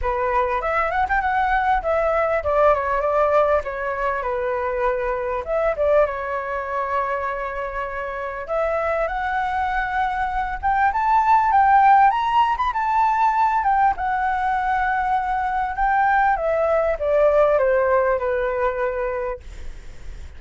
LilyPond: \new Staff \with { instrumentName = "flute" } { \time 4/4 \tempo 4 = 99 b'4 e''8 fis''16 g''16 fis''4 e''4 | d''8 cis''8 d''4 cis''4 b'4~ | b'4 e''8 d''8 cis''2~ | cis''2 e''4 fis''4~ |
fis''4. g''8 a''4 g''4 | ais''8. b''16 a''4. g''8 fis''4~ | fis''2 g''4 e''4 | d''4 c''4 b'2 | }